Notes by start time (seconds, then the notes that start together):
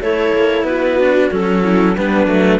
0.00 A3 E4 A4 C#5
0.34 A#3
0.63 B3 F#4 B4
0.99 D4
1.31 F#3 C#4 A4
1.63 E4
1.97 G3 B3 D4 B4
2.26 F#3 A3